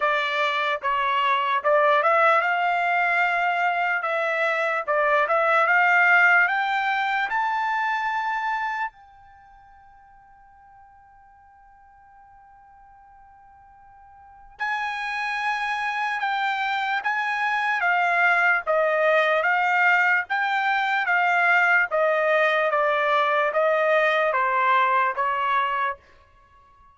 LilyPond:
\new Staff \with { instrumentName = "trumpet" } { \time 4/4 \tempo 4 = 74 d''4 cis''4 d''8 e''8 f''4~ | f''4 e''4 d''8 e''8 f''4 | g''4 a''2 g''4~ | g''1~ |
g''2 gis''2 | g''4 gis''4 f''4 dis''4 | f''4 g''4 f''4 dis''4 | d''4 dis''4 c''4 cis''4 | }